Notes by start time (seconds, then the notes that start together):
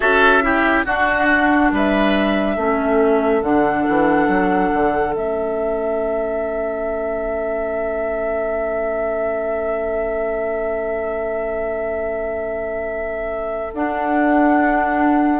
0.00 C#4 F#4 A4 E5
0.41 E4 G4
0.85 D4 F#4 F#5
1.71 G3 B4 E5
2.55 A3 C#4 A4
3.42 D3 D4 F#5
3.88 E3
4.27 F#3
4.73 D3
5.14 A3 C#4 E5
13.73 D4 F#5